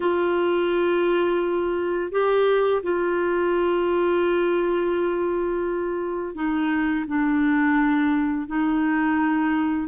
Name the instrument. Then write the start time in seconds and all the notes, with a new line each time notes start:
clarinet
0.00 F4
2.11 G4
2.82 F4
6.34 D#4
7.07 D4
8.47 D#4